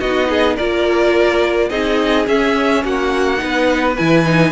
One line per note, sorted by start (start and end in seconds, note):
0.00 0.58 B3
0.00 0.59 D#4
0.00 0.28 F#4
0.00 0.57 D#5
0.30 0.56 G#4
0.56 1.71 A#3
0.56 1.71 F4
0.56 1.69 A#4
0.56 1.70 D5
1.70 2.27 C4
1.70 2.26 D#4
1.70 2.84 G#4
1.70 2.26 D#5
2.26 3.37 C#4
2.26 2.84 C#4
2.26 2.85 E5
2.85 3.41 A#3
2.85 3.41 F#4
2.85 3.97 F#5
3.37 3.99 B3
3.37 3.94 D#4
3.45 4.52 B4
3.97 4.52 E3
3.97 4.25 E4
3.97 4.52 G#5
4.25 4.52 D#4